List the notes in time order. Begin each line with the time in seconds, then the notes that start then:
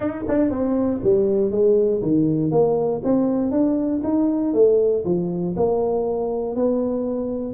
0.00 D#4
0.28 D4
0.50 C4
1.03 G3
1.51 G#3
2.02 D#3
2.51 A#3
3.04 C4
3.51 D4
4.03 D#4
4.53 A3
5.04 F3
5.56 A#3
6.55 B3